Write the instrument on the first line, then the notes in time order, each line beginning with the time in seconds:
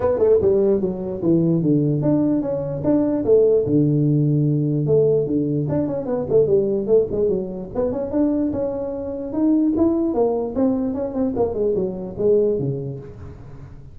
tuba
0.00 B3
0.18 A3
0.41 G3
0.80 F#3
1.22 E3
1.61 D3
2.02 D4
2.41 C#4
2.83 D4
3.24 A3
3.65 D3
4.86 A3
5.26 D3
5.69 D4
5.87 C#4
6.06 B3
6.29 A3
6.47 G3
6.86 A3
7.11 G#3
7.28 F#3
7.75 B3
7.92 C#4
8.11 D4
8.52 C#4
9.32 D#4
9.76 E4
10.14 A#3
10.55 C4
10.94 C#4
11.13 C4
11.36 A#3
11.54 G#3
11.75 F#3
12.18 G#3
12.58 C#3